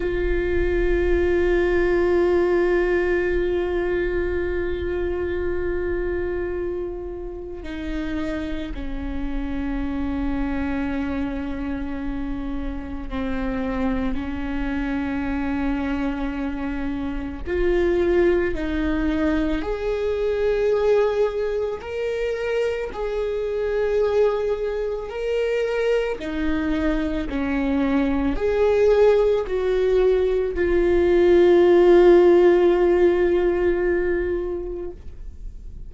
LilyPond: \new Staff \with { instrumentName = "viola" } { \time 4/4 \tempo 4 = 55 f'1~ | f'2. dis'4 | cis'1 | c'4 cis'2. |
f'4 dis'4 gis'2 | ais'4 gis'2 ais'4 | dis'4 cis'4 gis'4 fis'4 | f'1 | }